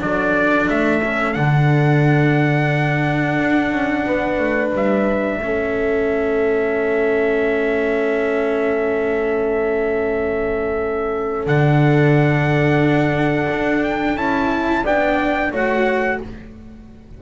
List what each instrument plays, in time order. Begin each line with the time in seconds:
0.00 double bass F#3, cello D4, horn A4, trumpet D5
0.70 double bass A3, trumpet E5
1.03 cello C#4
1.33 double bass D3, cello D4, trumpet F#5
3.39 double bass D4
3.71 double bass C#4
4.06 double bass B3, horn B4
4.39 double bass A3
4.73 double bass G3, trumpet E5
5.38 double bass A3, cello C#4
5.45 horn A4
11.46 double bass D3, cello D4, trumpet F#5
13.51 double bass D4
13.84 trumpet G5
14.16 double bass C#4, cello E4, trumpet A5
14.83 double bass B3, cello D4, horn D5, trumpet G5
15.52 double bass A3, cello F#4, horn C#5, trumpet F#5